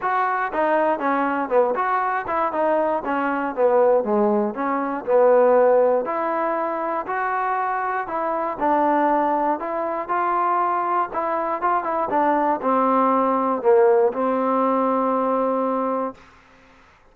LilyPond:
\new Staff \with { instrumentName = "trombone" } { \time 4/4 \tempo 4 = 119 fis'4 dis'4 cis'4 b8 fis'8~ | fis'8 e'8 dis'4 cis'4 b4 | gis4 cis'4 b2 | e'2 fis'2 |
e'4 d'2 e'4 | f'2 e'4 f'8 e'8 | d'4 c'2 ais4 | c'1 | }